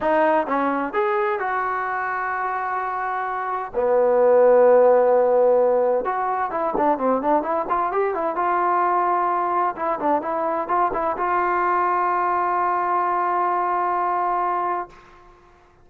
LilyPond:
\new Staff \with { instrumentName = "trombone" } { \time 4/4 \tempo 4 = 129 dis'4 cis'4 gis'4 fis'4~ | fis'1 | b1~ | b4 fis'4 e'8 d'8 c'8 d'8 |
e'8 f'8 g'8 e'8 f'2~ | f'4 e'8 d'8 e'4 f'8 e'8 | f'1~ | f'1 | }